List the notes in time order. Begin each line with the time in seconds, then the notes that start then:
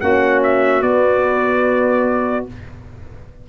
0.00 A#3 C#4 F#4 F#5
0.43 E5
0.82 B3 D5